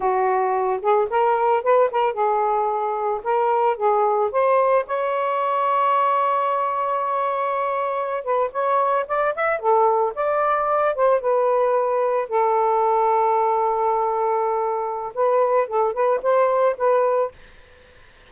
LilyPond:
\new Staff \with { instrumentName = "saxophone" } { \time 4/4 \tempo 4 = 111 fis'4. gis'8 ais'4 b'8 ais'8 | gis'2 ais'4 gis'4 | c''4 cis''2.~ | cis''2.~ cis''16 b'8 cis''16~ |
cis''8. d''8 e''8 a'4 d''4~ d''16~ | d''16 c''8 b'2 a'4~ a'16~ | a'1 | b'4 a'8 b'8 c''4 b'4 | }